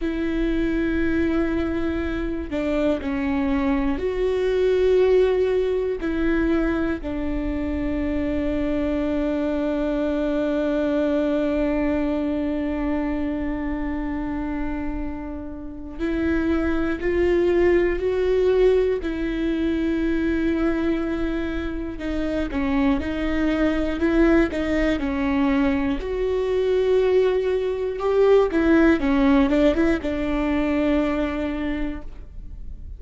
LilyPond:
\new Staff \with { instrumentName = "viola" } { \time 4/4 \tempo 4 = 60 e'2~ e'8 d'8 cis'4 | fis'2 e'4 d'4~ | d'1~ | d'1 |
e'4 f'4 fis'4 e'4~ | e'2 dis'8 cis'8 dis'4 | e'8 dis'8 cis'4 fis'2 | g'8 e'8 cis'8 d'16 e'16 d'2 | }